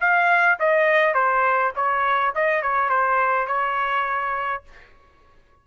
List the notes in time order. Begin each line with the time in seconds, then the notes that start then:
0.00 F5
0.59 D#5
1.14 C5
1.76 C#5
2.35 D#5
2.62 C#5
2.89 C5
3.47 C#5